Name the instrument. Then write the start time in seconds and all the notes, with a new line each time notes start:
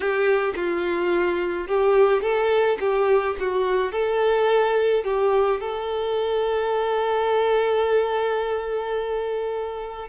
violin
0.00 G4
0.55 F4
1.67 G4
2.21 A4
2.79 G4
3.39 F#4
3.92 A4
5.04 G4
5.60 A4